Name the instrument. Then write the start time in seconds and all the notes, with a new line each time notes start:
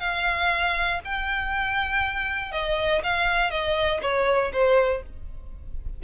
violin
0.00 F5
1.05 G5
2.52 D#5
3.04 F5
3.51 D#5
4.02 C#5
4.53 C5